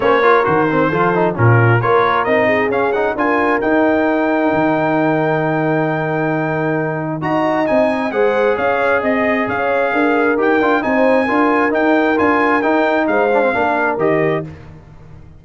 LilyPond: <<
  \new Staff \with { instrumentName = "trumpet" } { \time 4/4 \tempo 4 = 133 cis''4 c''2 ais'4 | cis''4 dis''4 f''8 fis''8 gis''4 | g''1~ | g''1 |
ais''4 gis''4 fis''4 f''4 | dis''4 f''2 g''4 | gis''2 g''4 gis''4 | g''4 f''2 dis''4 | }
  \new Staff \with { instrumentName = "horn" } { \time 4/4 c''8 ais'4. a'4 f'4 | ais'4. gis'4. ais'4~ | ais'1~ | ais'1 |
dis''2 c''4 cis''4 | dis''4 cis''4 ais'2 | c''4 ais'2.~ | ais'4 c''4 ais'2 | }
  \new Staff \with { instrumentName = "trombone" } { \time 4/4 cis'8 f'8 fis'8 c'8 f'8 dis'8 cis'4 | f'4 dis'4 cis'8 dis'8 f'4 | dis'1~ | dis'1 |
fis'4 dis'4 gis'2~ | gis'2. g'8 f'8 | dis'4 f'4 dis'4 f'4 | dis'4. d'16 c'16 d'4 g'4 | }
  \new Staff \with { instrumentName = "tuba" } { \time 4/4 ais4 dis4 f4 ais,4 | ais4 c'4 cis'4 d'4 | dis'2 dis2~ | dis1 |
dis'4 c'4 gis4 cis'4 | c'4 cis'4 d'4 dis'8 d'8 | c'4 d'4 dis'4 d'4 | dis'4 gis4 ais4 dis4 | }
>>